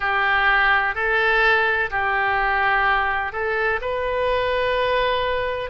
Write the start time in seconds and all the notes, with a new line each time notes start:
0.00 G4
0.94 A4
1.90 G4
3.32 A4
3.81 B4